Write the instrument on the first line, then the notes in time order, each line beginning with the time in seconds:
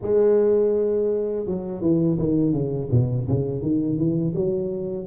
tuba
0.01 G#3
1.46 F#3
1.81 E3
2.19 D#3
2.52 C#3
2.91 B2
3.27 C#3
3.61 D#3
3.97 E3
4.35 F#3